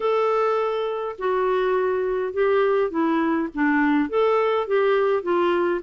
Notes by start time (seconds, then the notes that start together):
0.00 A4
1.18 F#4
2.33 G4
2.90 E4
3.54 D4
4.09 A4
4.67 G4
5.22 F4